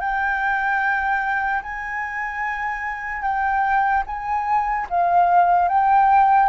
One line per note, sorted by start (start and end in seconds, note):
0.00 1.62 G5
1.63 3.22 G#5
3.22 4.03 G5
4.06 4.87 G#5
4.90 5.68 F5
5.68 6.49 G5